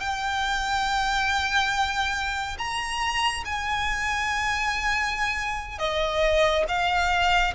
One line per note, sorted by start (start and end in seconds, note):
0.00 2.57 G5
2.58 3.44 A#5
3.45 5.79 G#5
5.79 6.64 D#5
6.68 7.54 F5